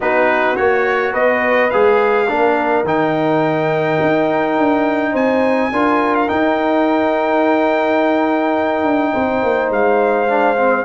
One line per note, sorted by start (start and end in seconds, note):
0.00 0.58 B3
0.00 0.56 D#4
0.00 1.12 F#4
0.00 0.56 B4
0.56 1.13 A#3
0.56 1.71 F#4
0.56 1.13 C#5
1.12 1.71 B3
1.12 2.26 B4
1.12 1.70 D#5
1.70 2.29 G#3
1.70 2.27 G#4
1.70 2.84 F5
2.26 2.83 A#3
2.26 2.85 D4
2.26 5.12 A#4
2.83 3.97 D#3
2.83 5.71 D#4
2.83 5.15 G5
4.01 4.58 D#4
4.58 5.14 D4
5.12 5.71 C4
5.12 5.69 C5
5.12 6.15 G#5
5.72 6.29 D4
5.72 6.27 F4
5.72 9.12 A#4
6.15 6.29 F5
6.27 10.27 D#4
6.27 8.84 D#4
6.27 9.71 G5
8.84 9.13 D4
9.12 9.43 C4
9.12 10.84 C5
9.43 9.70 A#3
9.70 10.84 G#3
9.70 10.85 F5
10.27 10.56 D4
10.56 10.85 C4